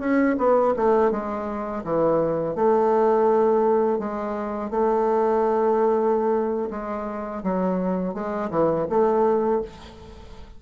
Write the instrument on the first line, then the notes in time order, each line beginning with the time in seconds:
bassoon
0.00 C#4
0.38 B3
0.76 A3
1.11 G#3
1.84 E3
2.55 A3
3.99 G#3
4.71 A3
6.71 G#3
7.43 F#3
8.14 G#3
8.50 E3
8.89 A3